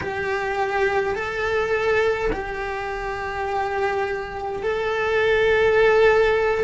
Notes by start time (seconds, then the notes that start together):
0.01 G4
1.15 A4
2.32 G4
4.63 A4